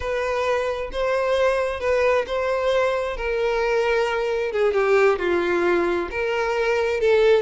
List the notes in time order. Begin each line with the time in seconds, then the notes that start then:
0.00 B4
0.91 C5
1.79 B4
2.26 C5
3.16 A#4
4.52 G#4
4.73 G4
5.18 F4
6.10 A#4
7.00 A4